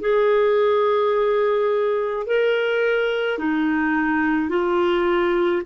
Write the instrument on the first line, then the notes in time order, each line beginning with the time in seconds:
clarinet
0.00 G#4
2.26 A#4
3.38 D#4
4.49 F4